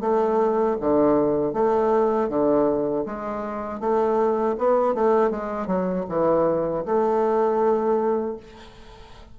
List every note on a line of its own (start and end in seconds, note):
0.00 0.76 A3
0.80 1.53 D3
1.53 2.29 A3
2.29 3.04 D3
3.05 3.79 G#3
3.79 4.55 A3
4.57 4.94 B3
4.94 5.30 A3
5.30 5.67 G#3
5.67 6.05 F#3
6.09 6.85 E3
6.85 8.36 A3